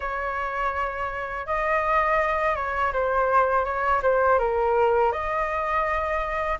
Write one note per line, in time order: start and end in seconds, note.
0.00 1.46 C#5
1.46 2.55 D#5
2.55 2.92 C#5
2.93 3.64 C5
3.64 4.01 C#5
4.02 4.38 C5
4.38 5.12 A#4
5.12 6.58 D#5